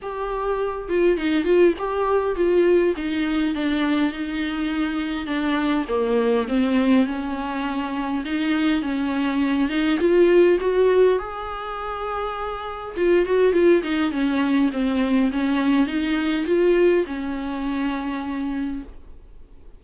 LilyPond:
\new Staff \with { instrumentName = "viola" } { \time 4/4 \tempo 4 = 102 g'4. f'8 dis'8 f'8 g'4 | f'4 dis'4 d'4 dis'4~ | dis'4 d'4 ais4 c'4 | cis'2 dis'4 cis'4~ |
cis'8 dis'8 f'4 fis'4 gis'4~ | gis'2 f'8 fis'8 f'8 dis'8 | cis'4 c'4 cis'4 dis'4 | f'4 cis'2. | }